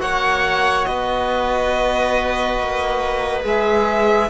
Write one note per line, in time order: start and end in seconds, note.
0.00 0.86 A#3
0.00 3.43 F#4
0.00 0.88 C#5
0.00 0.85 F#5
0.85 2.59 B3
0.85 4.30 B4
0.85 3.42 D#5
2.59 3.45 A#3
3.43 4.30 G#3
3.43 4.29 G#4
3.43 4.30 E5